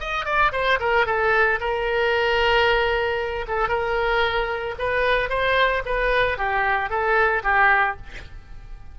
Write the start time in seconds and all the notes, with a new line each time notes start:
0.00 D#5
0.26 D5
0.52 C5
0.80 A#4
1.06 A4
1.60 A#4
3.48 A4
3.69 A#4
4.79 B4
5.30 C5
5.86 B4
6.38 G4
6.90 A4
7.44 G4